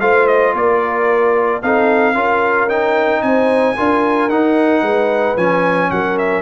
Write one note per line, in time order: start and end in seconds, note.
0.00 0.53 A3
0.00 1.62 F4
0.00 0.55 C5
0.00 0.26 F5
0.26 0.53 D#5
0.53 1.61 A#3
0.53 1.62 A#4
0.53 1.62 D5
1.62 2.15 C4
1.62 2.14 D#4
1.62 2.14 A4
1.62 2.69 F5
2.14 3.22 C#4
2.14 2.68 F4
2.14 3.21 A#4
2.68 3.75 D#4
2.68 3.22 G5
3.22 3.75 C4
3.22 3.76 C5
3.22 4.29 G#5
3.76 4.28 D4
3.76 4.29 F4
3.76 4.82 A#4
4.28 4.81 D#4
4.28 5.37 D#4
4.28 5.36 F#5
4.81 5.35 G#3
4.81 5.90 B4
5.36 5.90 F3
5.36 6.42 C#4
5.36 5.90 G#5
5.90 6.42 F#3
5.90 6.42 A#4
5.90 6.17 F#5
6.18 6.42 E5